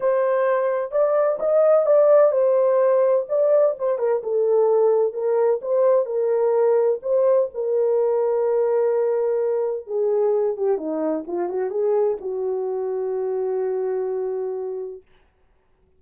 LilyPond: \new Staff \with { instrumentName = "horn" } { \time 4/4 \tempo 4 = 128 c''2 d''4 dis''4 | d''4 c''2 d''4 | c''8 ais'8 a'2 ais'4 | c''4 ais'2 c''4 |
ais'1~ | ais'4 gis'4. g'8 dis'4 | f'8 fis'8 gis'4 fis'2~ | fis'1 | }